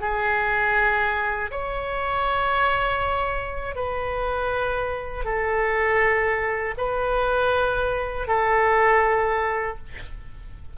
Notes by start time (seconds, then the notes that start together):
0.00 G#4
1.50 C#5
3.75 B4
5.24 A4
6.77 B4
8.27 A4